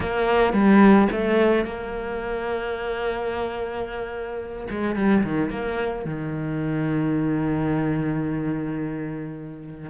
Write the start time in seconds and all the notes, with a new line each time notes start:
0.00 A#3
0.53 G3
1.11 A3
1.64 A#3
4.70 G#3
4.95 G3
5.23 D#3
5.50 A#3
6.05 D#3